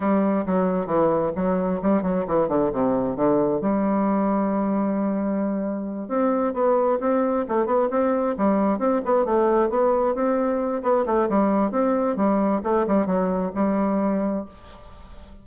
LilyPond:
\new Staff \with { instrumentName = "bassoon" } { \time 4/4 \tempo 4 = 133 g4 fis4 e4 fis4 | g8 fis8 e8 d8 c4 d4 | g1~ | g4. c'4 b4 c'8~ |
c'8 a8 b8 c'4 g4 c'8 | b8 a4 b4 c'4. | b8 a8 g4 c'4 g4 | a8 g8 fis4 g2 | }